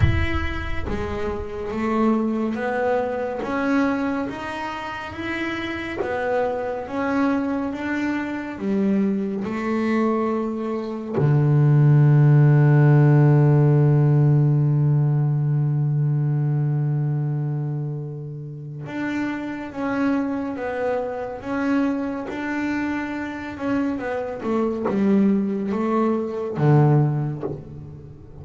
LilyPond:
\new Staff \with { instrumentName = "double bass" } { \time 4/4 \tempo 4 = 70 e'4 gis4 a4 b4 | cis'4 dis'4 e'4 b4 | cis'4 d'4 g4 a4~ | a4 d2.~ |
d1~ | d2 d'4 cis'4 | b4 cis'4 d'4. cis'8 | b8 a8 g4 a4 d4 | }